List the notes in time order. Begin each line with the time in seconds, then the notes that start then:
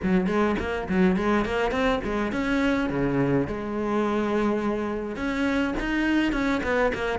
0.03 F#3
0.26 G#3
0.59 A#3
0.88 F#3
1.16 G#3
1.45 A#3
1.71 C4
2.04 G#3
2.32 C#4
2.89 C#3
3.47 G#3
5.16 C#4
5.79 D#4
6.32 C#4
6.63 B3
6.94 A#3